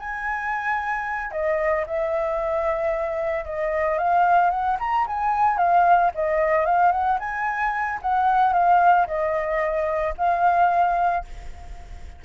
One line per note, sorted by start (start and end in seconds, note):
0.00 1.32 G#5
1.32 1.85 D#5
1.87 3.46 E5
3.46 3.99 D#5
3.99 4.50 F5
4.50 4.77 F#5
4.80 5.07 A#5
5.07 5.58 G#5
5.58 6.11 F5
6.15 6.66 D#5
6.66 6.92 F5
6.92 7.19 F#5
7.20 8.00 G#5
8.02 8.53 F#5
8.53 9.07 F5
9.08 10.15 D#5
10.18 11.25 F5